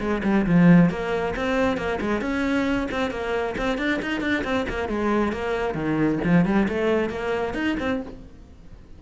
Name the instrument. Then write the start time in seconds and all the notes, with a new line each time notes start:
cello
0.00 G#3
0.24 G3
0.47 F3
0.90 A#3
1.36 C4
1.77 A#3
2.01 G#3
2.22 C#4
2.91 C4
3.11 A#3
3.58 C4
3.78 D4
4.02 D#4
4.21 D4
4.44 C4
4.69 A#3
4.89 G#3
5.33 A#3
5.75 D#3
6.24 F3
6.45 G3
6.69 A3
7.10 A#3
7.54 D#4
7.80 C4